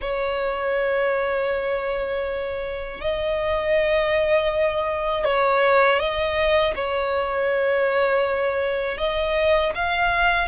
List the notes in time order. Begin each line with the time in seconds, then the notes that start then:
0.01 C#5
3.00 D#5
5.25 C#5
5.99 D#5
6.75 C#5
8.97 D#5
9.74 F5